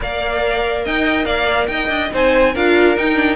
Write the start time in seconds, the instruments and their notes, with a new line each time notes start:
0.00 cello A#3, viola A#4, violin D5 F5
0.84 cello D#4, violin D#5 G5
1.25 cello A#3, violin D5 F5
1.67 cello D#4, violin D#5 G5
1.88 cello D4
2.10 cello C4, viola D#4, violin C5 G#5
2.52 cello D4, viola F4, violin A#4 F5
2.96 viola D#4, cello D#4, violin G5
3.15 viola D4